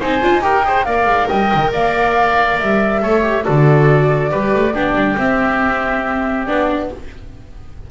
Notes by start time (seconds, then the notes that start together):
0.00 C4 D#4 C5 G#5
0.22 D4 F4
0.32 D#4
0.41 G4 A#4 G5
0.64 G#4 C5
0.85 A#3 A#4 D5 F5
1.06 G#3
1.29 G3 D#5 G5
1.54 D#3
1.72 A#3 D5 F5
2.59 G3 E5
3.02 A3 A4 C#5
3.22 G4
3.44 D3 F#4 A4 D5
4.30 G3 G4 B4
4.54 A3
4.74 B3 D4 G4
4.95 G3
5.17 C4 E5
6.46 B3 D4 D5